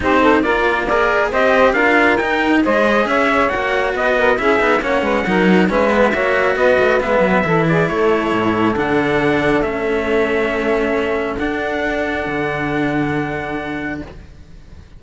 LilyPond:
<<
  \new Staff \with { instrumentName = "trumpet" } { \time 4/4 \tempo 4 = 137 c''4 d''4 ais'4 dis''4 | f''4 g''4 dis''4 e''4 | fis''4 dis''4 e''4 fis''4~ | fis''4 e''2 dis''4 |
e''4. d''8 cis''2 | fis''2 e''2~ | e''2 fis''2~ | fis''1 | }
  \new Staff \with { instrumentName = "saxophone" } { \time 4/4 g'8 a'8 ais'4 d''4 c''4 | ais'2 c''4 cis''4~ | cis''4 b'8 ais'8 gis'4 cis''8 b'8 | ais'4 b'4 cis''4 b'4~ |
b'4 a'8 gis'8 a'2~ | a'1~ | a'1~ | a'1 | }
  \new Staff \with { instrumentName = "cello" } { \time 4/4 dis'4 f'4 gis'4 g'4 | f'4 dis'4 gis'2 | fis'2 e'8 dis'8 cis'4 | dis'4 cis'8 b8 fis'2 |
b4 e'2. | d'2 cis'2~ | cis'2 d'2~ | d'1 | }
  \new Staff \with { instrumentName = "cello" } { \time 4/4 c'4 ais2 c'4 | d'4 dis'4 gis4 cis'4 | ais4 b4 cis'8 b8 ais8 gis8 | fis4 gis4 ais4 b8 a8 |
gis8 fis8 e4 a4 a,4 | d2 a2~ | a2 d'2 | d1 | }
>>